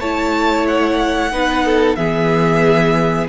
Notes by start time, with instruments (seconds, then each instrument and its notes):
0.00 cello A3, viola E4, violin C#5 A5
0.68 violin F#5
1.32 cello B3, viola D#4, violin B4
1.65 violin A4
1.95 cello E3, viola B3, violin G#4 E5